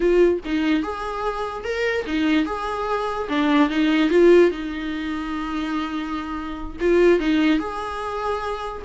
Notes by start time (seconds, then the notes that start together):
0.00 F4
0.45 D#4
0.82 G#4
1.64 A#4
2.06 D#4
2.45 G#4
3.29 D4
3.69 D#4
4.09 F4
4.50 D#4
6.80 F4
7.19 D#4
7.59 G#4